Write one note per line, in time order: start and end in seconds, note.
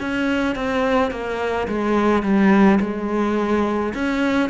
0.00 0.55 C#4
0.55 1.11 C4
1.11 1.68 A#3
1.68 2.23 G#3
2.23 2.79 G3
2.80 3.93 G#3
3.94 4.50 C#4